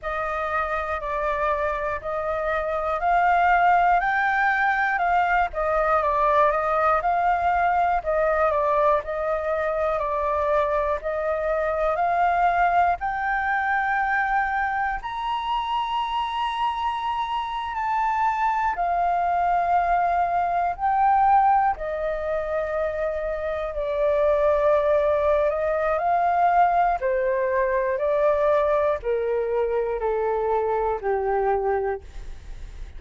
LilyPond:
\new Staff \with { instrumentName = "flute" } { \time 4/4 \tempo 4 = 60 dis''4 d''4 dis''4 f''4 | g''4 f''8 dis''8 d''8 dis''8 f''4 | dis''8 d''8 dis''4 d''4 dis''4 | f''4 g''2 ais''4~ |
ais''4.~ ais''16 a''4 f''4~ f''16~ | f''8. g''4 dis''2 d''16~ | d''4. dis''8 f''4 c''4 | d''4 ais'4 a'4 g'4 | }